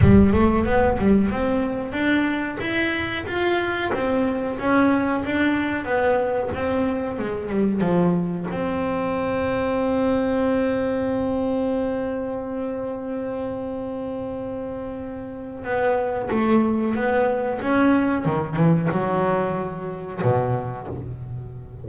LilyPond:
\new Staff \with { instrumentName = "double bass" } { \time 4/4 \tempo 4 = 92 g8 a8 b8 g8 c'4 d'4 | e'4 f'4 c'4 cis'4 | d'4 b4 c'4 gis8 g8 | f4 c'2.~ |
c'1~ | c'1 | b4 a4 b4 cis'4 | dis8 e8 fis2 b,4 | }